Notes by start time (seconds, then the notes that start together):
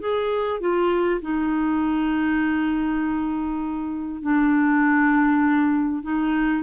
0.00 G#4
0.60 F4
1.21 D#4
4.22 D4
6.03 D#4